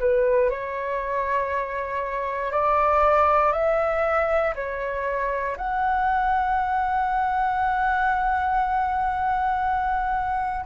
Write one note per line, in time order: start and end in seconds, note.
0.00 0.50 B4
0.50 2.52 C#5
2.52 3.53 D5
3.53 4.54 E5
4.55 5.57 C#5
5.57 10.66 F#5